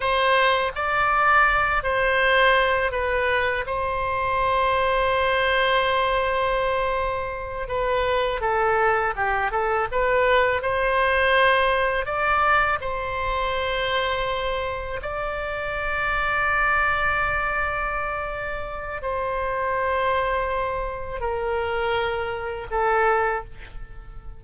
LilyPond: \new Staff \with { instrumentName = "oboe" } { \time 4/4 \tempo 4 = 82 c''4 d''4. c''4. | b'4 c''2.~ | c''2~ c''8 b'4 a'8~ | a'8 g'8 a'8 b'4 c''4.~ |
c''8 d''4 c''2~ c''8~ | c''8 d''2.~ d''8~ | d''2 c''2~ | c''4 ais'2 a'4 | }